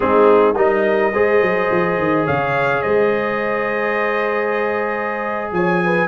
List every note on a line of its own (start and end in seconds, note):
0.00 0.56 G#3
0.00 0.54 C4
0.00 0.56 D#4
0.00 0.55 G#4
0.55 1.13 G3
0.55 1.12 D#4
0.55 1.12 A#4
0.55 2.26 D#5
1.12 1.41 G#3
1.12 6.08 G#4
1.12 2.25 C5
1.41 1.69 F#3
1.71 1.98 F3
1.98 2.26 D#3
2.25 2.84 C#3
2.25 2.82 C#5
2.25 2.82 F5
2.82 5.52 G#3
2.82 5.50 C5
2.82 5.50 D#5
5.52 6.08 F3
5.52 5.83 C#5
5.52 6.08 G#5
5.84 6.08 B4